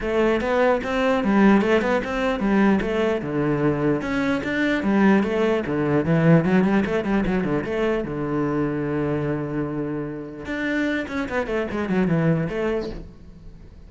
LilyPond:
\new Staff \with { instrumentName = "cello" } { \time 4/4 \tempo 4 = 149 a4 b4 c'4 g4 | a8 b8 c'4 g4 a4 | d2 cis'4 d'4 | g4 a4 d4 e4 |
fis8 g8 a8 g8 fis8 d8 a4 | d1~ | d2 d'4. cis'8 | b8 a8 gis8 fis8 e4 a4 | }